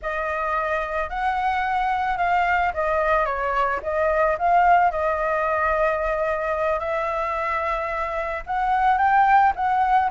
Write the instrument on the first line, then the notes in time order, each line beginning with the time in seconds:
flute
0.02 D#5
1.09 F#5
2.17 F5
2.73 D#5
3.25 C#5
3.82 D#5
4.38 F5
4.91 D#5
6.79 E5
8.46 F#5
8.98 G5
9.55 F#5